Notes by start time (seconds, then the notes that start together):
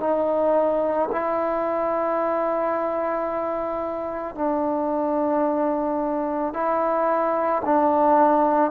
0.00 D#4
1.12 E4
4.35 D4
6.53 E4
7.65 D4